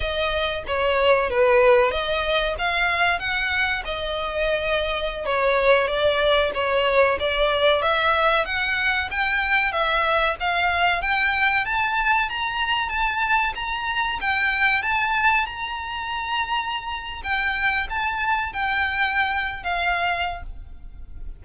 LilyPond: \new Staff \with { instrumentName = "violin" } { \time 4/4 \tempo 4 = 94 dis''4 cis''4 b'4 dis''4 | f''4 fis''4 dis''2~ | dis''16 cis''4 d''4 cis''4 d''8.~ | d''16 e''4 fis''4 g''4 e''8.~ |
e''16 f''4 g''4 a''4 ais''8.~ | ais''16 a''4 ais''4 g''4 a''8.~ | a''16 ais''2~ ais''8. g''4 | a''4 g''4.~ g''16 f''4~ f''16 | }